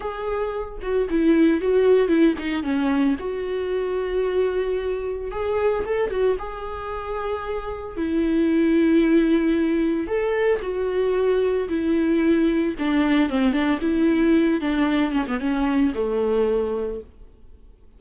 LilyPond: \new Staff \with { instrumentName = "viola" } { \time 4/4 \tempo 4 = 113 gis'4. fis'8 e'4 fis'4 | e'8 dis'8 cis'4 fis'2~ | fis'2 gis'4 a'8 fis'8 | gis'2. e'4~ |
e'2. a'4 | fis'2 e'2 | d'4 c'8 d'8 e'4. d'8~ | d'8 cis'16 b16 cis'4 a2 | }